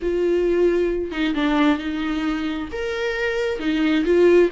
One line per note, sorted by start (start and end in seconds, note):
0.02 1.11 F4
1.11 1.34 D#4
1.34 1.78 D4
1.78 2.68 D#4
2.71 3.59 A#4
3.59 4.04 D#4
4.04 4.49 F4